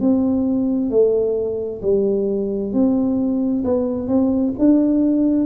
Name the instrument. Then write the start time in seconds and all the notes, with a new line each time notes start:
tuba
0.00 C4
0.90 A3
1.82 G3
2.73 C4
3.64 B3
4.08 C4
4.59 D4